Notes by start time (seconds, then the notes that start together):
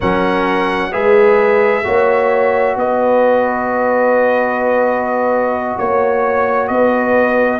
0.00 F#3 C#4 A#4 F#5
0.91 G#3 G#4 B4 E5
1.84 A#3 F#4 C#5
2.76 B3 B4 D#5
5.78 A#3 C#5
6.67 B3 D#5
6.73 B4